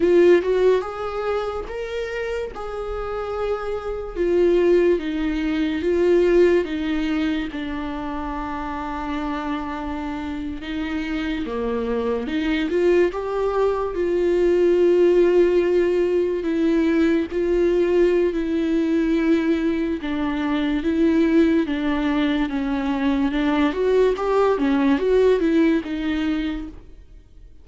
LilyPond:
\new Staff \with { instrumentName = "viola" } { \time 4/4 \tempo 4 = 72 f'8 fis'8 gis'4 ais'4 gis'4~ | gis'4 f'4 dis'4 f'4 | dis'4 d'2.~ | d'8. dis'4 ais4 dis'8 f'8 g'16~ |
g'8. f'2. e'16~ | e'8. f'4~ f'16 e'2 | d'4 e'4 d'4 cis'4 | d'8 fis'8 g'8 cis'8 fis'8 e'8 dis'4 | }